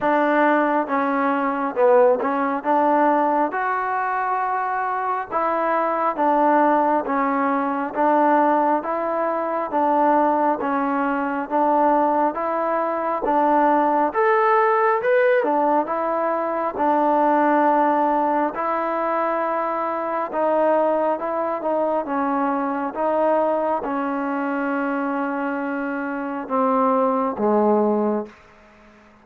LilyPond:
\new Staff \with { instrumentName = "trombone" } { \time 4/4 \tempo 4 = 68 d'4 cis'4 b8 cis'8 d'4 | fis'2 e'4 d'4 | cis'4 d'4 e'4 d'4 | cis'4 d'4 e'4 d'4 |
a'4 b'8 d'8 e'4 d'4~ | d'4 e'2 dis'4 | e'8 dis'8 cis'4 dis'4 cis'4~ | cis'2 c'4 gis4 | }